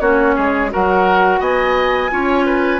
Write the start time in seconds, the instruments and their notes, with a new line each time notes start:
0.00 bassoon A#3, clarinet C#4, oboe F#4, flute C#5
0.35 bassoon G#3, oboe G#4
0.70 bassoon F#3, clarinet F#4, oboe A#4, flute F#5
1.40 bassoon B3, oboe D#5, flute G#5
2.10 bassoon C#4, clarinet F4, oboe C#5
2.46 oboe B4